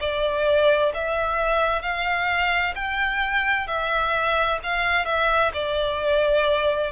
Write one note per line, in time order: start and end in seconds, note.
0.00 0.92 D5
0.94 1.82 E5
1.82 2.74 F5
2.75 3.67 G5
3.67 4.59 E5
4.63 5.05 F5
5.05 5.51 E5
5.53 6.91 D5